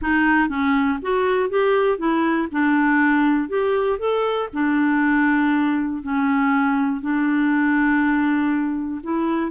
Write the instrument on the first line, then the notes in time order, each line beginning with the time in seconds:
clarinet
0.01 D#4
0.48 C#4
1.02 F#4
1.49 G4
1.98 E4
2.51 D4
3.48 G4
3.98 A4
4.53 D4
6.02 C#4
7.01 D4
9.03 E4